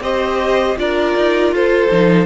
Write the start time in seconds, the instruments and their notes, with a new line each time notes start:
0.00 cello C4, viola G4, violin C5 D#5
0.77 cello D4, viola F4, violin A#4 D5
1.16 cello D#4
1.52 cello F4, violin A4 C5
1.91 cello F3, viola D#4